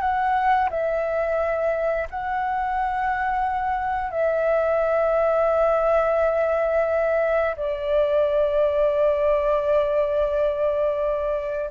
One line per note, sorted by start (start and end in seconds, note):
0.00 0.69 F#5
0.70 2.08 E5
2.10 4.11 F#5
4.11 7.55 E5
7.56 11.70 D5